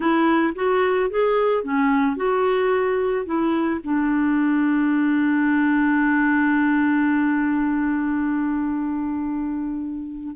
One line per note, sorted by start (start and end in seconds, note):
0.00 0.53 E4
0.55 1.10 F#4
1.10 1.63 G#4
1.63 2.16 C#4
2.16 3.25 F#4
3.25 3.80 E4
3.83 10.35 D4